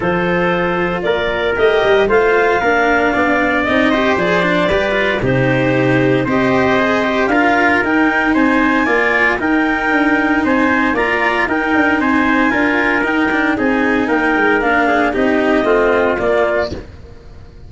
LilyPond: <<
  \new Staff \with { instrumentName = "clarinet" } { \time 4/4 \tempo 4 = 115 c''2 d''4 dis''4 | f''2. dis''4 | d''2 c''2 | dis''2 f''4 g''4 |
gis''2 g''2 | gis''4 ais''4 g''4 gis''4~ | gis''4 g''4 gis''4 g''4 | f''4 dis''2 d''4 | }
  \new Staff \with { instrumentName = "trumpet" } { \time 4/4 a'2 ais'2 | c''4 ais'4 d''4. c''8~ | c''4 b'4 g'2 | c''2 ais'2 |
c''4 d''4 ais'2 | c''4 d''4 ais'4 c''4 | ais'2 gis'4 ais'4~ | ais'8 gis'8 g'4 f'2 | }
  \new Staff \with { instrumentName = "cello" } { \time 4/4 f'2. g'4 | f'4 d'2 dis'8 g'8 | gis'8 d'8 g'8 f'8 dis'2 | g'4 gis'8 g'8 f'4 dis'4~ |
dis'4 f'4 dis'2~ | dis'4 f'4 dis'2 | f'4 dis'8 d'8 dis'2 | d'4 dis'4 c'4 ais4 | }
  \new Staff \with { instrumentName = "tuba" } { \time 4/4 f2 ais4 a8 g8 | a4 ais4 b4 c'4 | f4 g4 c2 | c'2 d'4 dis'4 |
c'4 ais4 dis'4 d'4 | c'4 ais4 dis'8 d'8 c'4 | d'4 dis'4 c'4 ais8 gis8 | ais4 c'4 a4 ais4 | }
>>